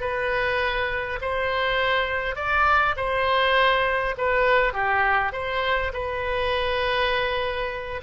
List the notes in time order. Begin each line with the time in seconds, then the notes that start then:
0.00 B4
1.21 C5
2.35 D5
2.96 C5
4.17 B4
4.73 G4
5.32 C5
5.93 B4